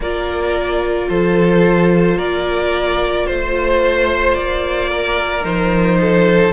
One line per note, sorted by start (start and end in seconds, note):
0.00 1.07 A#3
0.00 5.41 F4
0.00 1.08 A#4
0.00 1.09 D5
1.08 2.16 F3
1.08 2.17 A4
1.08 2.18 C5
2.16 3.25 A#3
2.16 3.26 A#4
2.16 3.26 D5
3.26 4.38 A3
3.26 4.89 C5
3.26 4.34 C5
4.34 5.43 A#3
4.34 5.43 D5
4.89 5.98 A#4
5.41 6.52 F3
5.41 6.50 D#4
5.41 6.53 C5
6.00 6.53 A4